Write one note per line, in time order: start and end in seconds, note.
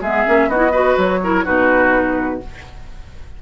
0.00 0.24 G#3
0.00 0.26 B3
0.00 0.49 G#4
0.00 0.49 E5
0.26 0.48 A#3
0.26 0.49 C#4
0.48 0.96 B3
0.48 0.57 D#4
0.48 0.72 F#4
0.48 0.97 D#5
0.57 0.69 E4
0.72 1.20 F#4
0.72 1.19 B4
0.97 1.45 F#3
0.97 1.45 C#5
1.23 1.44 E4
1.23 1.44 A#4
1.44 2.42 B2
1.44 2.40 D#4
1.44 2.39 F#4
1.44 2.41 B4